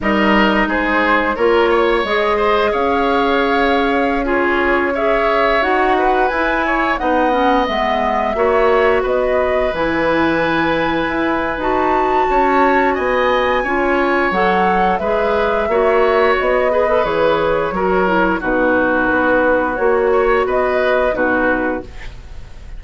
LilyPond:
<<
  \new Staff \with { instrumentName = "flute" } { \time 4/4 \tempo 4 = 88 dis''4 c''4 cis''4 dis''4 | f''2~ f''16 cis''4 e''8.~ | e''16 fis''4 gis''4 fis''4 e''8.~ | e''4~ e''16 dis''4 gis''4.~ gis''16~ |
gis''4 a''2 gis''4~ | gis''4 fis''4 e''2 | dis''4 cis''2 b'4~ | b'4 cis''4 dis''4 b'4 | }
  \new Staff \with { instrumentName = "oboe" } { \time 4/4 ais'4 gis'4 ais'8 cis''4 c''8 | cis''2~ cis''16 gis'4 cis''8.~ | cis''8. b'4 cis''8 dis''4.~ dis''16~ | dis''16 cis''4 b'2~ b'8.~ |
b'2 cis''4 dis''4 | cis''2 b'4 cis''4~ | cis''8 b'4. ais'4 fis'4~ | fis'4. cis''8 b'4 fis'4 | }
  \new Staff \with { instrumentName = "clarinet" } { \time 4/4 dis'2 f'4 gis'4~ | gis'2~ gis'16 f'4 gis'8.~ | gis'16 fis'4 e'4 dis'8 cis'8 b8.~ | b16 fis'2 e'4.~ e'16~ |
e'4 fis'2. | f'4 a'4 gis'4 fis'4~ | fis'8 gis'16 a'16 gis'4 fis'8 e'8 dis'4~ | dis'4 fis'2 dis'4 | }
  \new Staff \with { instrumentName = "bassoon" } { \time 4/4 g4 gis4 ais4 gis4 | cis'1~ | cis'16 dis'4 e'4 b4 gis8.~ | gis16 ais4 b4 e4.~ e16~ |
e16 e'8. dis'4 cis'4 b4 | cis'4 fis4 gis4 ais4 | b4 e4 fis4 b,4 | b4 ais4 b4 b,4 | }
>>